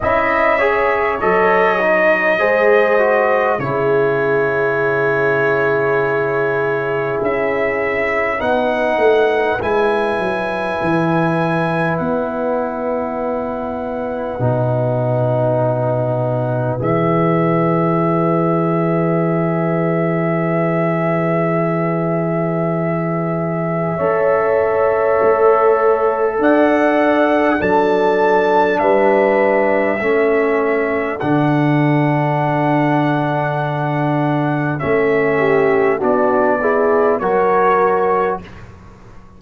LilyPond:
<<
  \new Staff \with { instrumentName = "trumpet" } { \time 4/4 \tempo 4 = 50 e''4 dis''2 cis''4~ | cis''2 e''4 fis''4 | gis''2 fis''2~ | fis''2 e''2~ |
e''1~ | e''2 fis''4 a''4 | e''2 fis''2~ | fis''4 e''4 d''4 cis''4 | }
  \new Staff \with { instrumentName = "horn" } { \time 4/4 dis''8 cis''4. c''4 gis'4~ | gis'2. b'4~ | b'1~ | b'1~ |
b'1 | cis''2 d''4 a'4 | b'4 a'2.~ | a'4. g'8 fis'8 gis'8 ais'4 | }
  \new Staff \with { instrumentName = "trombone" } { \time 4/4 e'8 gis'8 a'8 dis'8 gis'8 fis'8 e'4~ | e'2. dis'4 | e'1 | dis'2 gis'2~ |
gis'1 | a'2. d'4~ | d'4 cis'4 d'2~ | d'4 cis'4 d'8 e'8 fis'4 | }
  \new Staff \with { instrumentName = "tuba" } { \time 4/4 cis'4 fis4 gis4 cis4~ | cis2 cis'4 b8 a8 | gis8 fis8 e4 b2 | b,2 e2~ |
e1 | cis'4 a4 d'4 fis4 | g4 a4 d2~ | d4 a4 b4 fis4 | }
>>